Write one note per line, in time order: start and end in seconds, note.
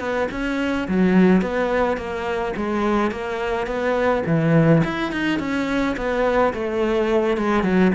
0.00 0.28 B3
0.31 0.88 C#4
0.88 1.42 F#3
1.42 1.97 B3
1.97 2.54 A#3
2.57 3.12 G#3
3.12 3.67 A#3
3.67 4.23 B3
4.26 4.83 E3
4.84 5.13 E4
5.13 5.40 D#4
5.40 5.96 C#4
5.97 6.54 B3
6.54 7.37 A3
7.37 7.63 G#3
7.63 7.92 F#3